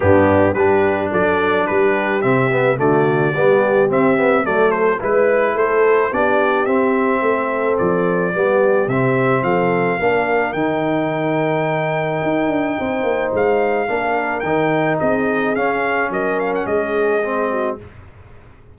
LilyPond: <<
  \new Staff \with { instrumentName = "trumpet" } { \time 4/4 \tempo 4 = 108 g'4 b'4 d''4 b'4 | e''4 d''2 e''4 | d''8 c''8 b'4 c''4 d''4 | e''2 d''2 |
e''4 f''2 g''4~ | g''1 | f''2 g''4 dis''4 | f''4 dis''8 f''16 fis''16 dis''2 | }
  \new Staff \with { instrumentName = "horn" } { \time 4/4 d'4 g'4 a'4 g'4~ | g'4 fis'4 g'2 | a'4 b'4 a'4 g'4~ | g'4 a'2 g'4~ |
g'4 a'4 ais'2~ | ais'2. c''4~ | c''4 ais'2 gis'4~ | gis'4 ais'4 gis'4. fis'8 | }
  \new Staff \with { instrumentName = "trombone" } { \time 4/4 b4 d'2. | c'8 b8 a4 b4 c'8 b8 | a4 e'2 d'4 | c'2. b4 |
c'2 d'4 dis'4~ | dis'1~ | dis'4 d'4 dis'2 | cis'2. c'4 | }
  \new Staff \with { instrumentName = "tuba" } { \time 4/4 g,4 g4 fis4 g4 | c4 d4 g4 c'4 | fis4 gis4 a4 b4 | c'4 a4 f4 g4 |
c4 f4 ais4 dis4~ | dis2 dis'8 d'8 c'8 ais8 | gis4 ais4 dis4 c'4 | cis'4 fis4 gis2 | }
>>